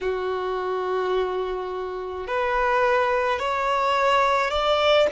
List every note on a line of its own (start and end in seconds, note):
0.01 2.27 F#4
2.27 3.39 B4
3.39 4.50 C#5
4.50 5.06 D5